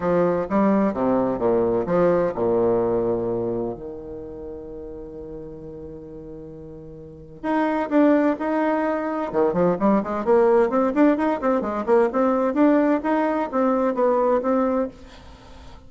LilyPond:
\new Staff \with { instrumentName = "bassoon" } { \time 4/4 \tempo 4 = 129 f4 g4 c4 ais,4 | f4 ais,2. | dis1~ | dis1 |
dis'4 d'4 dis'2 | dis8 f8 g8 gis8 ais4 c'8 d'8 | dis'8 c'8 gis8 ais8 c'4 d'4 | dis'4 c'4 b4 c'4 | }